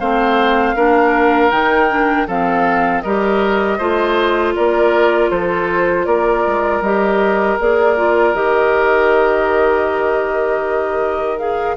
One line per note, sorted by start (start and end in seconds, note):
0.00 0.75 A3
0.00 0.76 C4
0.00 0.75 C5
0.00 1.51 F5
0.75 1.51 A#3
0.75 1.51 D4
0.75 2.27 A#4
1.51 2.27 D#3
1.51 1.89 D#4
1.51 2.27 G5
1.90 2.28 D4
2.27 3.03 F3
2.27 3.04 C4
2.27 3.03 A4
2.27 3.01 F5
3.01 3.79 G3
3.01 3.79 G4
3.01 3.78 A#4
3.01 4.53 D#5
3.78 4.55 A3
3.78 6.83 F4
3.78 4.54 C5
4.56 5.31 A#3
4.56 5.30 A#4
4.56 5.30 D5
5.30 6.06 F3
5.30 6.06 A4
5.30 6.05 C5
6.05 6.44 A#3
6.05 11.76 A#4
6.05 6.81 D5
6.47 6.81 G#3
6.81 7.57 G3
6.81 7.59 G4
6.81 7.58 D#5
7.59 8.34 A#3
7.59 7.97 G#4
7.59 8.34 D5
7.97 8.34 F4
8.34 11.76 D#3
8.34 11.38 G4
8.34 11.38 D#5
11.38 11.77 G#4
11.38 11.76 F5